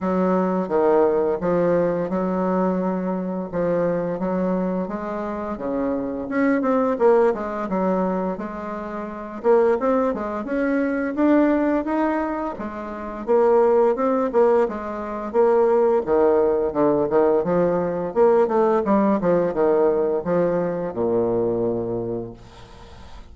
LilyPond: \new Staff \with { instrumentName = "bassoon" } { \time 4/4 \tempo 4 = 86 fis4 dis4 f4 fis4~ | fis4 f4 fis4 gis4 | cis4 cis'8 c'8 ais8 gis8 fis4 | gis4. ais8 c'8 gis8 cis'4 |
d'4 dis'4 gis4 ais4 | c'8 ais8 gis4 ais4 dis4 | d8 dis8 f4 ais8 a8 g8 f8 | dis4 f4 ais,2 | }